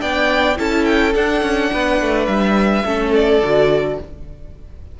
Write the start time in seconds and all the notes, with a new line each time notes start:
0.00 B3 D4 D5 G5
0.57 C#4 E4 A4 A5
0.85 G5
1.15 D4 F#5
1.42 C#4
1.73 B3 B4
2.01 A3
2.25 G3 E5
2.85 A3 C#4 A4
3.15 D5
3.41 D3 F#4